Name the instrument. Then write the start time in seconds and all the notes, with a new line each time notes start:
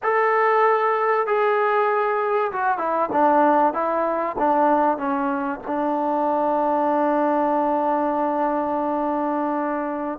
trombone
0.03 A4
1.26 G#4
2.52 F#4
2.78 E4
3.11 D4
3.73 E4
4.38 D4
4.97 C#4
5.66 D4